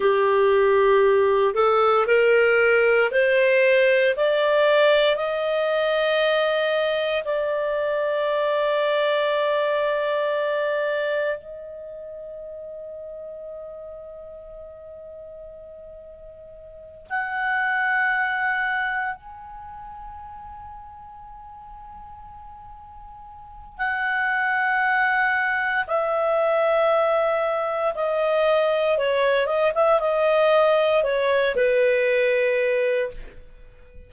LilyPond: \new Staff \with { instrumentName = "clarinet" } { \time 4/4 \tempo 4 = 58 g'4. a'8 ais'4 c''4 | d''4 dis''2 d''4~ | d''2. dis''4~ | dis''1~ |
dis''8 fis''2 gis''4.~ | gis''2. fis''4~ | fis''4 e''2 dis''4 | cis''8 dis''16 e''16 dis''4 cis''8 b'4. | }